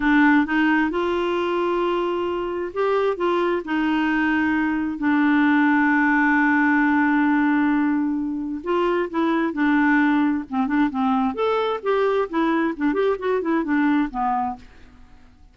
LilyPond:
\new Staff \with { instrumentName = "clarinet" } { \time 4/4 \tempo 4 = 132 d'4 dis'4 f'2~ | f'2 g'4 f'4 | dis'2. d'4~ | d'1~ |
d'2. f'4 | e'4 d'2 c'8 d'8 | c'4 a'4 g'4 e'4 | d'8 g'8 fis'8 e'8 d'4 b4 | }